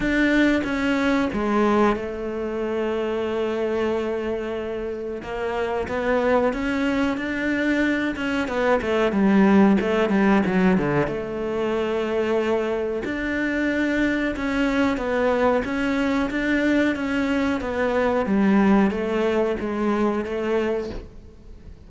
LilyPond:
\new Staff \with { instrumentName = "cello" } { \time 4/4 \tempo 4 = 92 d'4 cis'4 gis4 a4~ | a1 | ais4 b4 cis'4 d'4~ | d'8 cis'8 b8 a8 g4 a8 g8 |
fis8 d8 a2. | d'2 cis'4 b4 | cis'4 d'4 cis'4 b4 | g4 a4 gis4 a4 | }